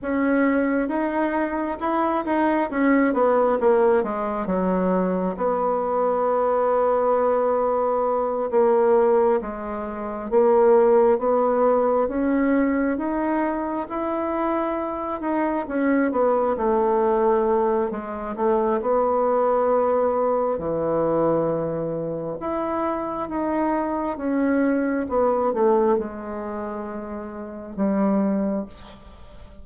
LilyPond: \new Staff \with { instrumentName = "bassoon" } { \time 4/4 \tempo 4 = 67 cis'4 dis'4 e'8 dis'8 cis'8 b8 | ais8 gis8 fis4 b2~ | b4. ais4 gis4 ais8~ | ais8 b4 cis'4 dis'4 e'8~ |
e'4 dis'8 cis'8 b8 a4. | gis8 a8 b2 e4~ | e4 e'4 dis'4 cis'4 | b8 a8 gis2 g4 | }